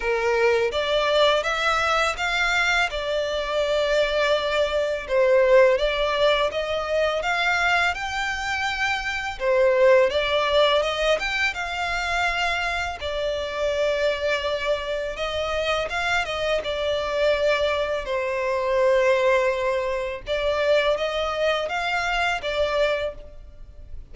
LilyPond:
\new Staff \with { instrumentName = "violin" } { \time 4/4 \tempo 4 = 83 ais'4 d''4 e''4 f''4 | d''2. c''4 | d''4 dis''4 f''4 g''4~ | g''4 c''4 d''4 dis''8 g''8 |
f''2 d''2~ | d''4 dis''4 f''8 dis''8 d''4~ | d''4 c''2. | d''4 dis''4 f''4 d''4 | }